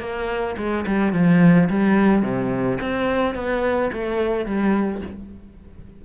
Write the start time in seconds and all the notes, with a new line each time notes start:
0.00 A#3
0.57 G#3
0.86 G3
1.13 F3
1.69 G3
2.22 C3
2.81 C4
3.35 B3
3.93 A3
4.46 G3